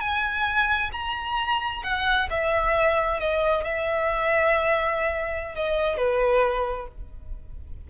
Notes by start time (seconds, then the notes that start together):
0.00 G#5
0.92 A#5
1.83 F#5
2.30 E5
3.19 D#5
3.64 E5
5.54 D#5
5.97 B4